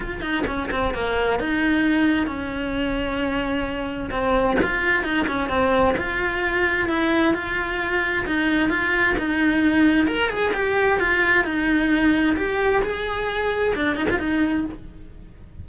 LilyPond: \new Staff \with { instrumentName = "cello" } { \time 4/4 \tempo 4 = 131 f'8 dis'8 cis'8 c'8 ais4 dis'4~ | dis'4 cis'2.~ | cis'4 c'4 f'4 dis'8 cis'8 | c'4 f'2 e'4 |
f'2 dis'4 f'4 | dis'2 ais'8 gis'8 g'4 | f'4 dis'2 g'4 | gis'2 d'8 dis'16 f'16 dis'4 | }